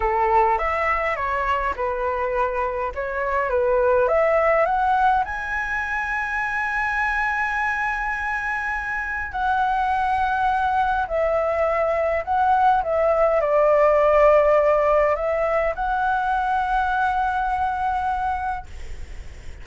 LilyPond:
\new Staff \with { instrumentName = "flute" } { \time 4/4 \tempo 4 = 103 a'4 e''4 cis''4 b'4~ | b'4 cis''4 b'4 e''4 | fis''4 gis''2.~ | gis''1 |
fis''2. e''4~ | e''4 fis''4 e''4 d''4~ | d''2 e''4 fis''4~ | fis''1 | }